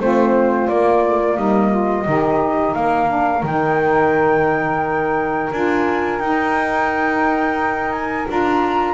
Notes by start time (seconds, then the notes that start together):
0.00 A3 C4 F4 C5
0.69 A#3 D5
1.05 A3
1.21 A#3
1.37 G3 D#4 D#5
1.71 F4
2.05 D#3 D#4 G4
2.74 A#3 A#4 F5
3.08 D4
3.43 D#3 D#4 G5
5.51 D4 F4 G#5
6.20 D#4 G5
7.92 G#5
8.28 D4 F4 A#5